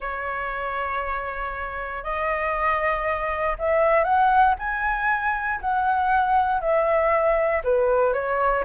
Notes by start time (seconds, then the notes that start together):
0.00 C#5
2.03 D#5
3.58 E5
4.04 F#5
4.58 G#5
5.60 F#5
6.60 E5
7.64 B4
8.13 C#5